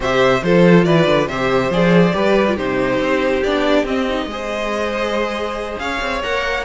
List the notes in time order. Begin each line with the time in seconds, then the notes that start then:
0.00 C3 G4 C5 E5
0.42 F3 F4 A4 C5
0.84 E3 B4 D5
1.06 D3
1.27 C3 G4 C5 E5
1.69 F3 G#4 D5
2.13 G3 G4 B4
2.48 F4
2.56 C3 D#4 G4 C5
2.99 C4
3.43 B3 D4 D5
3.83 C4 D#5
4.08 D#4
4.26 G#3 G#4 C5
5.79 C#4 C#5 F5
6.01 C4
6.22 A#3 A#4 F#5